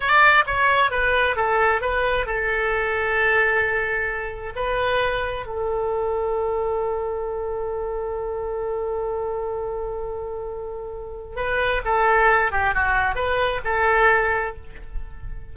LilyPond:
\new Staff \with { instrumentName = "oboe" } { \time 4/4 \tempo 4 = 132 d''4 cis''4 b'4 a'4 | b'4 a'2.~ | a'2 b'2 | a'1~ |
a'1~ | a'1~ | a'4 b'4 a'4. g'8 | fis'4 b'4 a'2 | }